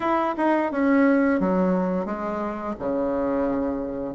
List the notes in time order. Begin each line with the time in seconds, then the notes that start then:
0.00 E4
0.37 D#4
0.71 C#4
1.39 F#3
2.05 G#3
2.79 C#3